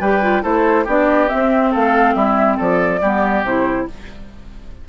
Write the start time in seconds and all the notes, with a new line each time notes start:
0.00 G3 G4 B4 G5
0.22 F4
0.42 A3 E4 A4 C5
0.84 B3 D4 G4 D5
1.28 C4 E5
1.71 A3 A4 F5
2.15 G3 E4 E5
2.56 F3 A4 D5
3.01 G3 B3 G4
3.43 C3 E4 C5